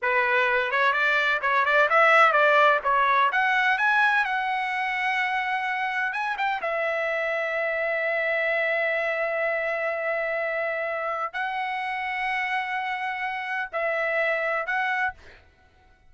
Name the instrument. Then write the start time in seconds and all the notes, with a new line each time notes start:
trumpet
0.02 B4
0.71 C#5
0.92 D5
1.41 C#5
1.65 D5
1.89 E5
2.32 D5
2.83 C#5
3.32 F#5
3.78 G#5
4.24 F#5
6.12 G#5
6.37 G5
6.61 E5
11.33 F#5
13.72 E5
14.66 F#5